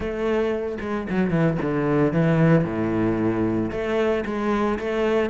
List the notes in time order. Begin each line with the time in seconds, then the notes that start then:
0.00 A3
0.80 G#3
1.09 F#3
1.30 E3
1.62 D3
2.12 E3
2.64 A2
3.71 A3
4.25 G#3
4.79 A3